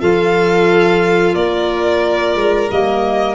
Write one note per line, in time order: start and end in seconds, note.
0.00 1.35 F3
0.00 2.70 F4
0.00 1.36 A4
0.00 1.35 F5
1.35 2.35 A#3
1.35 3.36 A#4
1.35 2.70 D5
2.35 2.69 G#3
2.70 3.36 G3
2.70 3.36 A#3
2.70 3.36 D#5